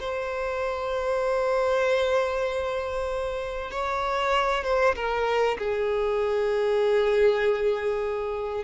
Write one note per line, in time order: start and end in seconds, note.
0.00 3.71 C5
3.71 4.64 C#5
4.64 4.95 C5
4.96 5.58 A#4
5.59 8.65 G#4